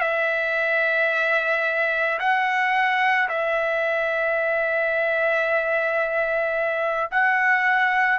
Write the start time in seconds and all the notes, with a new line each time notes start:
0.00 E5
2.19 F#5
3.28 E5
7.11 F#5